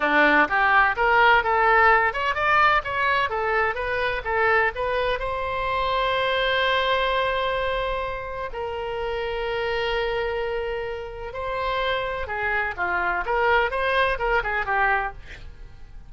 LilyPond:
\new Staff \with { instrumentName = "oboe" } { \time 4/4 \tempo 4 = 127 d'4 g'4 ais'4 a'4~ | a'8 cis''8 d''4 cis''4 a'4 | b'4 a'4 b'4 c''4~ | c''1~ |
c''2 ais'2~ | ais'1 | c''2 gis'4 f'4 | ais'4 c''4 ais'8 gis'8 g'4 | }